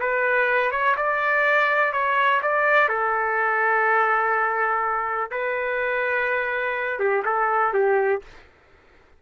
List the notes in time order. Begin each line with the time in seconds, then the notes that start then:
0.00 B4
0.72 C#5
0.97 D5
1.93 C#5
2.42 D5
2.89 A4
5.32 B4
7.00 G4
7.25 A4
7.74 G4